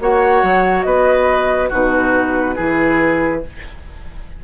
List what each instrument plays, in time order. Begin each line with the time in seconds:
0.00 bassoon A#3, clarinet F#4, oboe C#5, flute F#5
0.42 bassoon F#3
0.82 bassoon B3, oboe B4, flute D#5
1.69 bassoon B2, clarinet D#4, oboe F#4, flute B4
2.55 bassoon E3, clarinet E4, oboe G#4